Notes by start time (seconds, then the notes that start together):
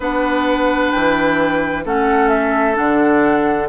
0.00 B3 D4 B4 F#5
0.91 E3 G5
1.85 A3 C#4 A4 F#5
2.28 E5
2.74 D3 D4 F#5